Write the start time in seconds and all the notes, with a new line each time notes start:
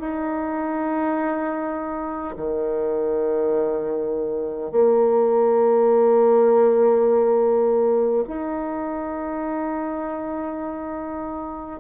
0.00 D#4
2.37 D#3
4.72 A#3
8.27 D#4